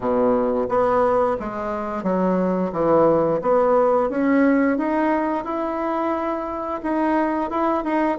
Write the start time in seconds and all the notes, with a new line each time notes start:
0.00 B2
0.68 B3
1.39 G#3
2.03 F#3
2.72 E3
3.41 B3
4.09 C#4
4.77 D#4
5.44 E4
6.82 D#4
7.50 E4
7.83 D#4